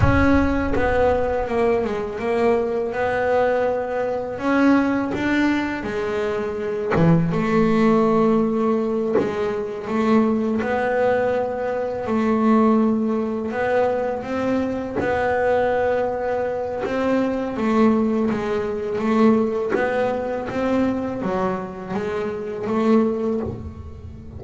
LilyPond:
\new Staff \with { instrumentName = "double bass" } { \time 4/4 \tempo 4 = 82 cis'4 b4 ais8 gis8 ais4 | b2 cis'4 d'4 | gis4. e8 a2~ | a8 gis4 a4 b4.~ |
b8 a2 b4 c'8~ | c'8 b2~ b8 c'4 | a4 gis4 a4 b4 | c'4 fis4 gis4 a4 | }